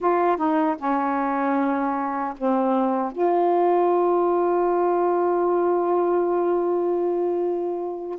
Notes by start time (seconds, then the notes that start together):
0.00 F4
0.36 D#4
0.78 C#4
2.37 C4
3.12 F4